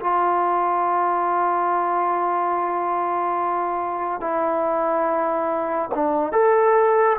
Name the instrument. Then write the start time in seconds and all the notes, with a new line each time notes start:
trombone
0.00 F4
4.20 E4
5.94 D4
6.32 A4